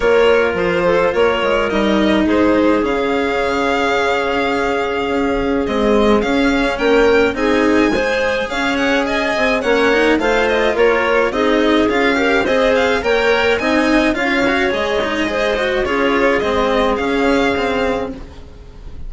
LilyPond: <<
  \new Staff \with { instrumentName = "violin" } { \time 4/4 \tempo 4 = 106 cis''4 c''4 cis''4 dis''4 | c''4 f''2.~ | f''2 dis''4 f''4 | g''4 gis''2 f''8 fis''8 |
gis''4 fis''4 f''8 dis''8 cis''4 | dis''4 f''4 dis''8 f''8 g''4 | gis''4 f''4 dis''2 | cis''4 dis''4 f''2 | }
  \new Staff \with { instrumentName = "clarinet" } { \time 4/4 ais'4. a'8 ais'2 | gis'1~ | gis'1 | ais'4 gis'4 c''4 cis''4 |
dis''4 cis''4 c''4 ais'4 | gis'4. ais'8 c''4 cis''4 | dis''4 cis''2 c''4 | gis'1 | }
  \new Staff \with { instrumentName = "cello" } { \time 4/4 f'2. dis'4~ | dis'4 cis'2.~ | cis'2 gis4 cis'4~ | cis'4 dis'4 gis'2~ |
gis'4 cis'8 dis'8 f'2 | dis'4 f'8 g'8 gis'4 ais'4 | dis'4 f'8 fis'8 gis'8 dis'8 gis'8 fis'8 | f'4 c'4 cis'4 c'4 | }
  \new Staff \with { instrumentName = "bassoon" } { \time 4/4 ais4 f4 ais8 gis8 g4 | gis4 cis2.~ | cis4 cis'4 c'4 cis'4 | ais4 c'4 gis4 cis'4~ |
cis'8 c'8 ais4 a4 ais4 | c'4 cis'4 c'4 ais4 | c'4 cis'4 gis2 | cis'4 gis4 cis2 | }
>>